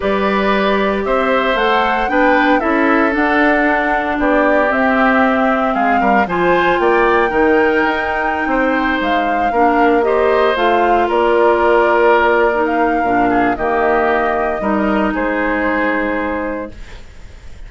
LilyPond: <<
  \new Staff \with { instrumentName = "flute" } { \time 4/4 \tempo 4 = 115 d''2 e''4 fis''4 | g''4 e''4 fis''2 | d''4 e''2 f''4 | gis''4 g''2.~ |
g''4~ g''16 f''2 dis''8.~ | dis''16 f''4 d''2~ d''8.~ | d''16 f''4.~ f''16 dis''2~ | dis''4 c''2. | }
  \new Staff \with { instrumentName = "oboe" } { \time 4/4 b'2 c''2 | b'4 a'2. | g'2. gis'8 ais'8 | c''4 d''4 ais'2~ |
ais'16 c''2 ais'4 c''8.~ | c''4~ c''16 ais'2~ ais'8.~ | ais'4. gis'8 g'2 | ais'4 gis'2. | }
  \new Staff \with { instrumentName = "clarinet" } { \time 4/4 g'2. a'4 | d'4 e'4 d'2~ | d'4 c'2. | f'2 dis'2~ |
dis'2~ dis'16 d'4 g'8.~ | g'16 f'2.~ f'8. | dis'4 d'4 ais2 | dis'1 | }
  \new Staff \with { instrumentName = "bassoon" } { \time 4/4 g2 c'4 a4 | b4 cis'4 d'2 | b4 c'2 gis8 g8 | f4 ais4 dis4 dis'4~ |
dis'16 c'4 gis4 ais4.~ ais16~ | ais16 a4 ais2~ ais8.~ | ais4 ais,4 dis2 | g4 gis2. | }
>>